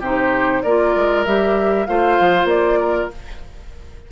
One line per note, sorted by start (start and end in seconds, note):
0.00 0.62 C3
0.00 0.65 D#4
0.00 0.62 G4
0.00 0.63 C5
0.63 0.95 A#3
0.63 1.26 F4
0.63 1.87 A#4
0.63 1.24 D5
0.95 1.26 G#3
1.25 1.88 G3
1.25 1.88 G4
1.25 1.86 E5
1.86 2.19 A3
1.86 3.11 F4
1.86 2.79 C5
1.86 2.48 F5
2.20 2.44 F3
2.44 3.06 A#3
2.44 3.10 D5
2.79 3.10 A#4